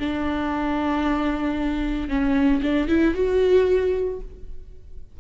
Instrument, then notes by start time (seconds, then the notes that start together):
viola
0.00 D4
2.09 C#4
2.62 D4
2.88 E4
3.15 F#4